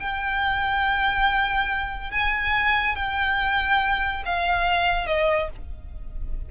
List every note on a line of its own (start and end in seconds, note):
0.00 2.11 G5
2.11 2.96 G#5
2.96 4.23 G5
4.26 5.07 F5
5.07 5.49 D#5